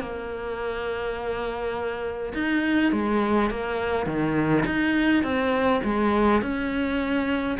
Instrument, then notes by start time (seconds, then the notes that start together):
cello
0.00 A#3
2.34 D#4
2.92 G#3
3.50 A#3
4.06 D#3
4.66 D#4
5.23 C4
5.84 G#3
6.42 C#4